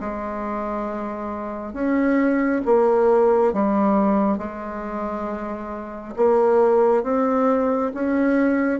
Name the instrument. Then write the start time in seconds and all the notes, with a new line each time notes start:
bassoon
0.00 G#3
1.73 C#4
2.65 A#3
3.53 G3
4.38 G#3
6.16 A#3
7.03 C4
7.94 C#4